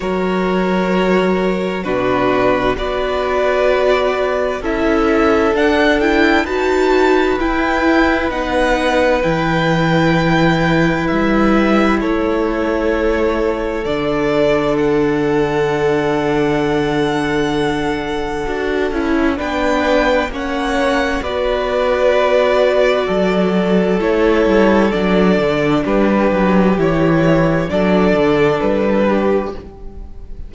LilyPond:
<<
  \new Staff \with { instrumentName = "violin" } { \time 4/4 \tempo 4 = 65 cis''2 b'4 d''4~ | d''4 e''4 fis''8 g''8 a''4 | g''4 fis''4 g''2 | e''4 cis''2 d''4 |
fis''1~ | fis''4 g''4 fis''4 d''4~ | d''2 cis''4 d''4 | b'4 cis''4 d''4 b'4 | }
  \new Staff \with { instrumentName = "violin" } { \time 4/4 ais'2 fis'4 b'4~ | b'4 a'2 b'4~ | b'1~ | b'4 a'2.~ |
a'1~ | a'4 b'4 cis''4 b'4~ | b'4 a'2. | g'2 a'4. g'8 | }
  \new Staff \with { instrumentName = "viola" } { \time 4/4 fis'2 d'4 fis'4~ | fis'4 e'4 d'8 e'8 fis'4 | e'4 dis'4 e'2~ | e'2. d'4~ |
d'1 | fis'8 e'8 d'4 cis'4 fis'4~ | fis'2 e'4 d'4~ | d'4 e'4 d'2 | }
  \new Staff \with { instrumentName = "cello" } { \time 4/4 fis2 b,4 b4~ | b4 cis'4 d'4 dis'4 | e'4 b4 e2 | g4 a2 d4~ |
d1 | d'8 cis'8 b4 ais4 b4~ | b4 fis4 a8 g8 fis8 d8 | g8 fis8 e4 fis8 d8 g4 | }
>>